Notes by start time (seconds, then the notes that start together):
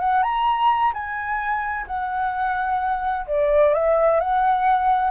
0.00 F#5
0.23 A#5
0.94 G#5
1.87 F#5
3.27 D5
3.74 E5
4.21 F#5